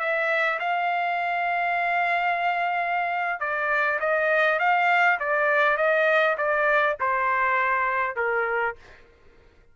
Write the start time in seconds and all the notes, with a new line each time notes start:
0.00 E5
0.60 F5
3.40 D5
4.00 D#5
4.60 F5
5.20 D5
5.77 D#5
6.38 D5
7.00 C5
8.16 A#4